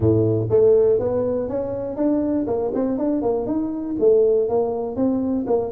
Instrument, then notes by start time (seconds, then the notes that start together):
tuba
0.00 A2
0.50 A3
0.99 B3
1.48 C#4
1.96 D4
2.47 A#3
2.73 C4
2.98 D4
3.21 A#3
3.46 D#4
3.99 A3
4.49 A#3
4.96 C4
5.46 A#3